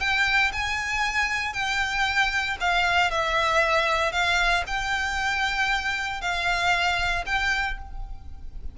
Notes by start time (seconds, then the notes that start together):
0.00 G5
0.52 G#5
1.53 G5
2.61 F5
3.11 E5
4.12 F5
4.67 G5
6.21 F5
7.26 G5